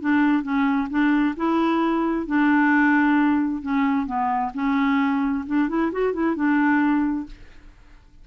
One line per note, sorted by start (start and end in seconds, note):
0.00 0.42 D4
0.42 0.88 C#4
0.90 1.35 D4
1.36 2.26 E4
2.26 3.62 D4
3.62 4.06 C#4
4.06 4.51 B3
4.54 5.44 C#4
5.46 5.69 D4
5.69 5.91 E4
5.92 6.13 F#4
6.13 6.35 E4
6.35 7.26 D4